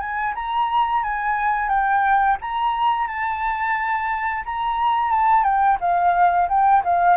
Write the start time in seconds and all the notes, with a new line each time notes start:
0.00 G#5
0.35 A#5
1.03 G#5
1.69 G5
2.41 A#5
3.07 A5
4.45 A#5
5.11 A5
5.44 G5
5.80 F5
6.49 G5
6.84 F5